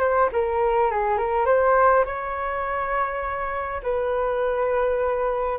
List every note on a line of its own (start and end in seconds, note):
0.00 0.29 C5
0.33 0.91 A#4
0.91 1.18 G#4
1.18 1.46 A#4
1.46 2.05 C5
2.06 3.82 C#5
3.83 5.59 B4